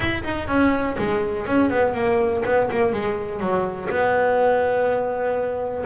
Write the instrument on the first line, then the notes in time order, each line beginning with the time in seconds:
double bass
0.00 E4
0.23 D#4
0.47 C#4
0.98 G#3
1.46 C#4
1.69 B3
1.94 A#3
2.45 B3
2.71 A#3
2.92 G#3
3.40 F#3
3.89 B3